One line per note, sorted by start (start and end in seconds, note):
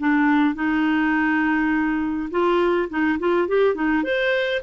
0.00 0.55 D4
0.55 2.30 D#4
2.31 2.89 F4
2.90 3.19 D#4
3.20 3.48 F4
3.48 3.75 G4
3.75 4.04 D#4
4.04 4.62 C5